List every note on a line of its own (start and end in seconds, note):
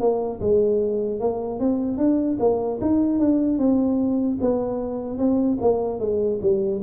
0.00 0.40 A#3
0.40 1.20 G#3
1.20 1.59 A#3
1.59 1.97 C4
1.97 2.37 D4
2.39 2.79 A#3
2.81 3.19 D#4
3.19 3.59 D4
3.59 4.39 C4
4.41 5.18 B3
5.18 5.58 C4
5.61 6.00 A#3
6.00 6.40 G#3
6.42 6.82 G3